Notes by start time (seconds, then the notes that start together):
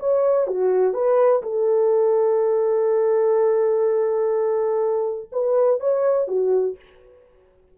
0.00 C#5
0.48 F#4
0.94 B4
1.43 A4
5.32 B4
5.80 C#5
6.28 F#4